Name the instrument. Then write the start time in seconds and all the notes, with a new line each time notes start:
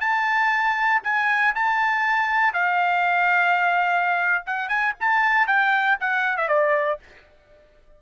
trumpet
0.00 A5
1.04 G#5
1.55 A5
2.53 F5
4.46 F#5
4.68 G#5
5.00 A5
5.47 G5
6.00 F#5
6.37 E5
6.48 D5